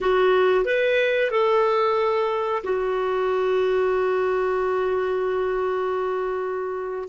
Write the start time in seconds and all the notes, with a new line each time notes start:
0.01 F#4
0.64 B4
1.30 A4
2.63 F#4